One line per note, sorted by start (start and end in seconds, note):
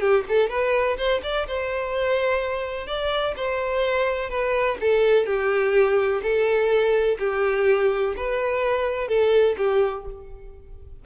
0.00 0.24 G4
0.28 0.49 A4
0.49 0.97 B4
0.97 1.21 C5
1.23 1.46 D5
1.47 2.87 C5
2.87 3.34 D5
3.36 4.29 C5
4.29 4.77 B4
4.80 5.26 A4
5.26 6.21 G4
6.22 7.18 A4
7.19 8.14 G4
8.16 9.08 B4
9.08 9.55 A4
9.57 10.05 G4